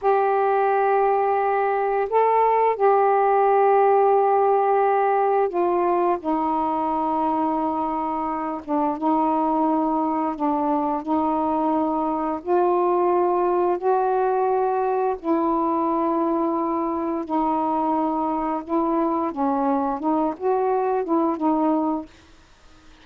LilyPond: \new Staff \with { instrumentName = "saxophone" } { \time 4/4 \tempo 4 = 87 g'2. a'4 | g'1 | f'4 dis'2.~ | dis'8 d'8 dis'2 d'4 |
dis'2 f'2 | fis'2 e'2~ | e'4 dis'2 e'4 | cis'4 dis'8 fis'4 e'8 dis'4 | }